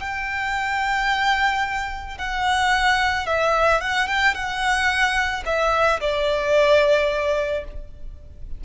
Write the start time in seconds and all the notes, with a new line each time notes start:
0.00 G5
2.18 F#5
3.27 E5
3.81 F#5
4.08 G5
4.34 F#5
5.46 E5
6.01 D5